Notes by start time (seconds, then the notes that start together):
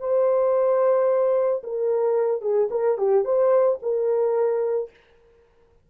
0.00 C5
1.64 A#4
2.42 G#4
2.71 A#4
2.98 G4
3.25 C5
3.82 A#4